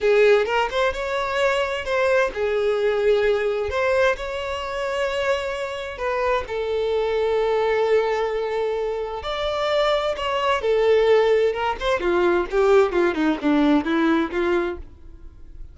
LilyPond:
\new Staff \with { instrumentName = "violin" } { \time 4/4 \tempo 4 = 130 gis'4 ais'8 c''8 cis''2 | c''4 gis'2. | c''4 cis''2.~ | cis''4 b'4 a'2~ |
a'1 | d''2 cis''4 a'4~ | a'4 ais'8 c''8 f'4 g'4 | f'8 dis'8 d'4 e'4 f'4 | }